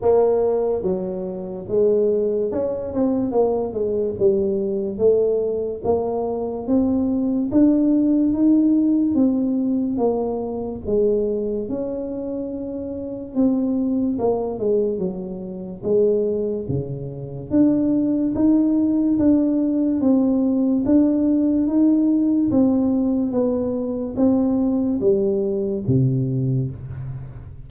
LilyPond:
\new Staff \with { instrumentName = "tuba" } { \time 4/4 \tempo 4 = 72 ais4 fis4 gis4 cis'8 c'8 | ais8 gis8 g4 a4 ais4 | c'4 d'4 dis'4 c'4 | ais4 gis4 cis'2 |
c'4 ais8 gis8 fis4 gis4 | cis4 d'4 dis'4 d'4 | c'4 d'4 dis'4 c'4 | b4 c'4 g4 c4 | }